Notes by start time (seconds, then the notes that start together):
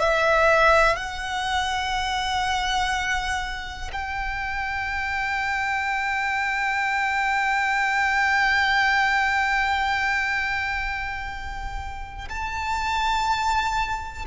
0.00 E5
0.96 F#5
3.93 G5
12.29 A5